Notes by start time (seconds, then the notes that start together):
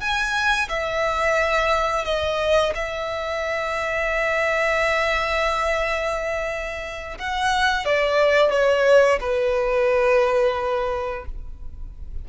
0.00 G#5
0.69 E5
2.05 D#5
2.74 E5
7.18 F#5
7.85 D5
8.51 C#5
9.20 B4